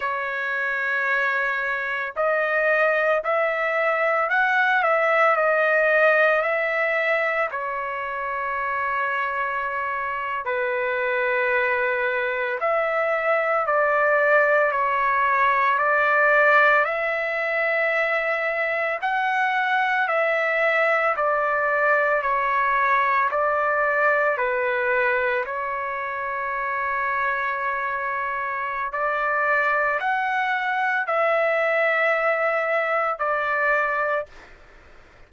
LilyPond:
\new Staff \with { instrumentName = "trumpet" } { \time 4/4 \tempo 4 = 56 cis''2 dis''4 e''4 | fis''8 e''8 dis''4 e''4 cis''4~ | cis''4.~ cis''16 b'2 e''16~ | e''8. d''4 cis''4 d''4 e''16~ |
e''4.~ e''16 fis''4 e''4 d''16~ | d''8. cis''4 d''4 b'4 cis''16~ | cis''2. d''4 | fis''4 e''2 d''4 | }